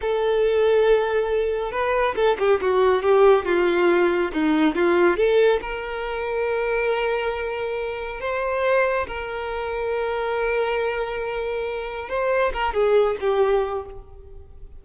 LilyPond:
\new Staff \with { instrumentName = "violin" } { \time 4/4 \tempo 4 = 139 a'1 | b'4 a'8 g'8 fis'4 g'4 | f'2 dis'4 f'4 | a'4 ais'2.~ |
ais'2. c''4~ | c''4 ais'2.~ | ais'1 | c''4 ais'8 gis'4 g'4. | }